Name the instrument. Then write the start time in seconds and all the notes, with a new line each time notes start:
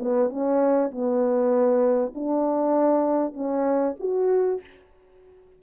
horn
0.00 B3
0.30 C#4
0.92 B3
2.15 D4
3.34 C#4
4.00 F#4